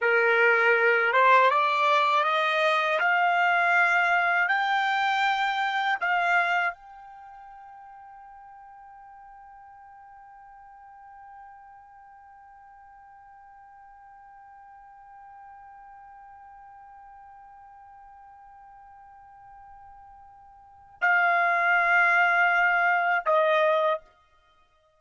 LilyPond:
\new Staff \with { instrumentName = "trumpet" } { \time 4/4 \tempo 4 = 80 ais'4. c''8 d''4 dis''4 | f''2 g''2 | f''4 g''2.~ | g''1~ |
g''1~ | g''1~ | g''1 | f''2. dis''4 | }